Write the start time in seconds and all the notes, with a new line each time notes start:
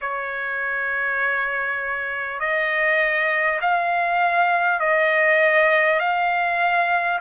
0.01 C#5
2.39 D#5
3.61 F5
4.79 D#5
5.99 F5